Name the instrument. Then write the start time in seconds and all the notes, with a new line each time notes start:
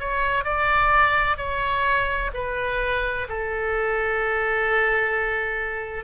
oboe
0.00 C#5
0.44 D5
1.37 C#5
2.34 B4
3.29 A4